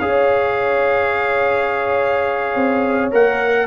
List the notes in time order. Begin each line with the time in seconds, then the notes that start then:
0.00 C#4 G#4 C#5 F5
2.56 C4
3.12 A#3 A#4 F#5